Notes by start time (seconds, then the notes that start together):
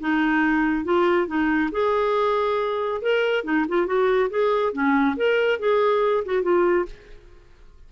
0.00 D#4
0.84 F4
1.27 D#4
1.72 G#4
3.02 A#4
3.44 D#4
3.68 F4
3.87 F#4
4.30 G#4
4.73 C#4
5.16 A#4
5.59 G#4
6.25 F#4
6.43 F4